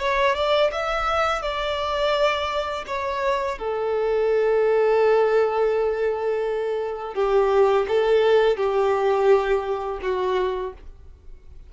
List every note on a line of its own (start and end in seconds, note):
0.00 0.35 C#5
0.35 0.71 D5
0.72 1.42 E5
1.42 2.85 D5
2.87 3.58 C#5
3.58 7.15 A4
7.15 7.86 G4
7.88 8.57 A4
8.57 10.00 G4
10.02 10.74 F#4